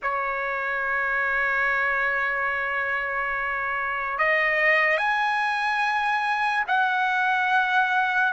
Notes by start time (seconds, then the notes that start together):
0.02 C#5
4.18 D#5
4.97 G#5
6.67 F#5